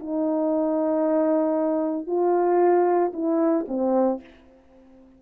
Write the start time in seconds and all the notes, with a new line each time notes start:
0.00 D#4
2.07 F4
3.14 E4
3.68 C4